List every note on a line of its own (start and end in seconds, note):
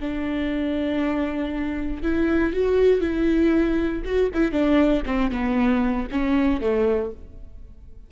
0.00 2.02 D4
2.02 2.53 E4
2.53 3.00 F#4
3.00 4.02 E4
4.04 4.30 F#4
4.33 4.52 E4
4.52 5.02 D4
5.05 5.31 C4
5.31 6.07 B3
6.11 6.60 C#4
6.60 7.11 A3